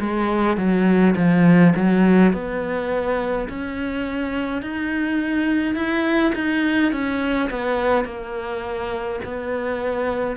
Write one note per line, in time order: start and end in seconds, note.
0.00 0.57 G#3
0.57 1.15 F#3
1.16 1.74 F3
1.76 2.33 F#3
2.33 3.48 B3
3.49 4.62 C#4
4.62 5.75 D#4
5.75 6.33 E4
6.35 6.92 D#4
6.92 7.49 C#4
7.50 8.05 B3
8.05 9.20 A#3
9.25 10.37 B3